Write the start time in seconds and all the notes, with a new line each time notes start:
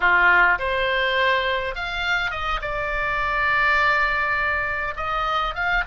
0.00 F4
0.58 C5
1.75 F5
2.30 D#5
2.61 D5
4.96 D#5
5.54 F5